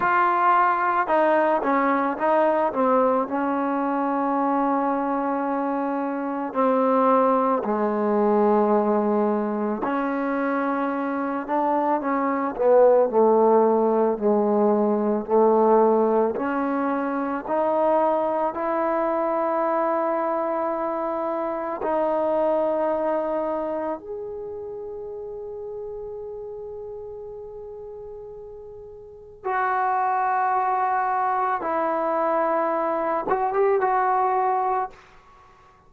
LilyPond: \new Staff \with { instrumentName = "trombone" } { \time 4/4 \tempo 4 = 55 f'4 dis'8 cis'8 dis'8 c'8 cis'4~ | cis'2 c'4 gis4~ | gis4 cis'4. d'8 cis'8 b8 | a4 gis4 a4 cis'4 |
dis'4 e'2. | dis'2 gis'2~ | gis'2. fis'4~ | fis'4 e'4. fis'16 g'16 fis'4 | }